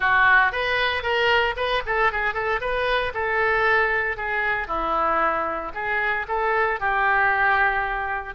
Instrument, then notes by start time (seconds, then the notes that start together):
oboe
0.00 F#4
0.52 B4
1.02 A#4
1.56 B4
1.85 A4
2.11 G#4
2.34 A4
2.60 B4
3.14 A4
4.16 G#4
4.67 E4
5.74 G#4
6.28 A4
6.80 G4